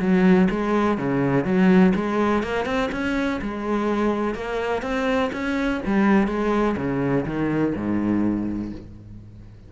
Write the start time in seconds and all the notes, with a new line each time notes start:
0.00 F#3
0.50 G#3
0.98 C#3
1.45 F#3
1.95 G#3
2.43 A#3
2.65 C4
2.92 C#4
3.41 G#3
4.35 A#3
4.82 C4
5.33 C#4
5.86 G3
6.27 G#3
6.77 C#3
7.26 D#3
7.76 G#2